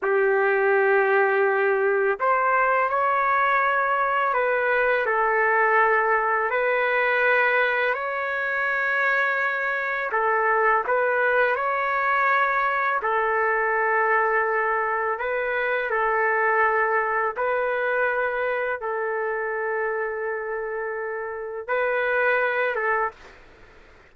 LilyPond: \new Staff \with { instrumentName = "trumpet" } { \time 4/4 \tempo 4 = 83 g'2. c''4 | cis''2 b'4 a'4~ | a'4 b'2 cis''4~ | cis''2 a'4 b'4 |
cis''2 a'2~ | a'4 b'4 a'2 | b'2 a'2~ | a'2 b'4. a'8 | }